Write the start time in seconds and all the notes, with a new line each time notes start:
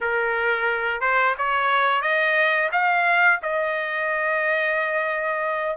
0.01 A#4
1.00 C5
1.38 C#5
2.01 D#5
2.71 F5
3.42 D#5